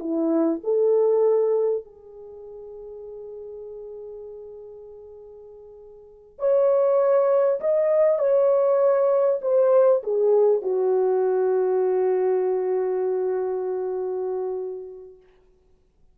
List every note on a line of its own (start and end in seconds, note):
0.00 0.61 E4
0.64 1.85 A4
1.85 6.39 G#4
6.39 7.61 C#5
7.61 8.19 D#5
8.19 9.40 C#5
9.42 10.03 C5
10.04 10.63 G#4
10.63 15.17 F#4